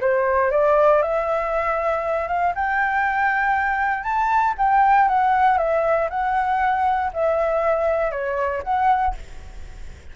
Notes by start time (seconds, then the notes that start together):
0.00 C5
0.51 D5
1.02 E5
2.28 F5
2.54 G5
4.03 A5
4.57 G5
5.08 F#5
5.57 E5
6.09 F#5
7.13 E5
8.11 C#5
8.63 F#5